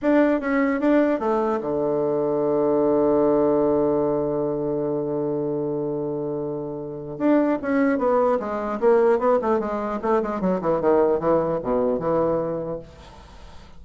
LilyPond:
\new Staff \with { instrumentName = "bassoon" } { \time 4/4 \tempo 4 = 150 d'4 cis'4 d'4 a4 | d1~ | d1~ | d1~ |
d2 d'4 cis'4 | b4 gis4 ais4 b8 a8 | gis4 a8 gis8 fis8 e8 dis4 | e4 b,4 e2 | }